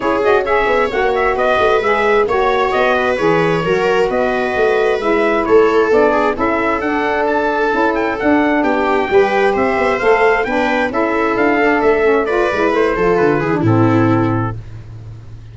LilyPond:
<<
  \new Staff \with { instrumentName = "trumpet" } { \time 4/4 \tempo 4 = 132 cis''8 dis''8 e''4 fis''8 e''8 dis''4 | e''4 cis''4 dis''4 cis''4~ | cis''4 dis''2 e''4 | cis''4 d''4 e''4 fis''4 |
a''4. g''8 fis''4 g''4~ | g''4 e''4 f''4 g''4 | e''4 f''4 e''4 d''4 | c''4 b'4 a'2 | }
  \new Staff \with { instrumentName = "viola" } { \time 4/4 gis'4 cis''2 b'4~ | b'4 cis''4. b'4. | ais'4 b'2. | a'4. gis'8 a'2~ |
a'2. g'4 | b'4 c''2 b'4 | a'2. b'4~ | b'8 a'4 gis'8 e'2 | }
  \new Staff \with { instrumentName = "saxophone" } { \time 4/4 e'8 fis'8 gis'4 fis'2 | gis'4 fis'2 gis'4 | fis'2. e'4~ | e'4 d'4 e'4 d'4~ |
d'4 e'4 d'2 | g'2 a'4 d'4 | e'4. d'4 cis'8 f'8 e'8~ | e'8 f'4 e'16 d'16 c'2 | }
  \new Staff \with { instrumentName = "tuba" } { \time 4/4 cis'4. b8 ais4 b8 a8 | gis4 ais4 b4 e4 | fis4 b4 a4 gis4 | a4 b4 cis'4 d'4~ |
d'4 cis'4 d'4 b4 | g4 c'8 b8 a4 b4 | cis'4 d'4 a4. gis8 | a8 f8 d8 e8 a,2 | }
>>